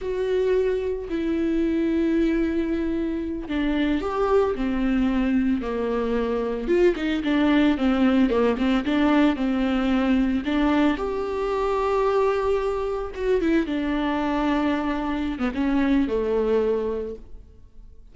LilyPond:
\new Staff \with { instrumentName = "viola" } { \time 4/4 \tempo 4 = 112 fis'2 e'2~ | e'2~ e'8 d'4 g'8~ | g'8 c'2 ais4.~ | ais8 f'8 dis'8 d'4 c'4 ais8 |
c'8 d'4 c'2 d'8~ | d'8 g'2.~ g'8~ | g'8 fis'8 e'8 d'2~ d'8~ | d'8. b16 cis'4 a2 | }